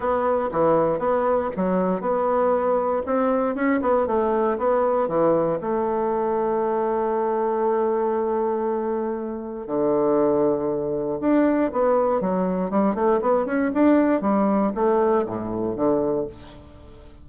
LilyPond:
\new Staff \with { instrumentName = "bassoon" } { \time 4/4 \tempo 4 = 118 b4 e4 b4 fis4 | b2 c'4 cis'8 b8 | a4 b4 e4 a4~ | a1~ |
a2. d4~ | d2 d'4 b4 | fis4 g8 a8 b8 cis'8 d'4 | g4 a4 a,4 d4 | }